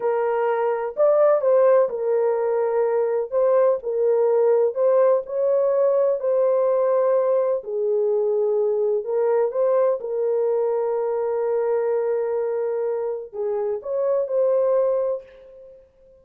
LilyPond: \new Staff \with { instrumentName = "horn" } { \time 4/4 \tempo 4 = 126 ais'2 d''4 c''4 | ais'2. c''4 | ais'2 c''4 cis''4~ | cis''4 c''2. |
gis'2. ais'4 | c''4 ais'2.~ | ais'1 | gis'4 cis''4 c''2 | }